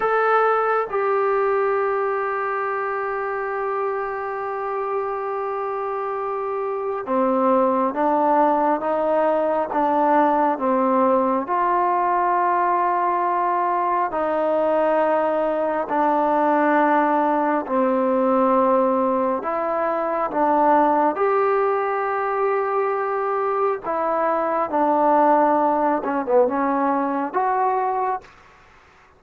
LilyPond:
\new Staff \with { instrumentName = "trombone" } { \time 4/4 \tempo 4 = 68 a'4 g'2.~ | g'1 | c'4 d'4 dis'4 d'4 | c'4 f'2. |
dis'2 d'2 | c'2 e'4 d'4 | g'2. e'4 | d'4. cis'16 b16 cis'4 fis'4 | }